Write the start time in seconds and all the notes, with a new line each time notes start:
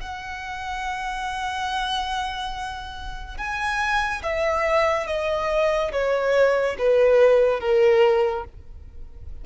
0.00 F#5
3.37 G#5
4.23 E5
5.07 D#5
5.92 C#5
6.78 B4
7.60 A#4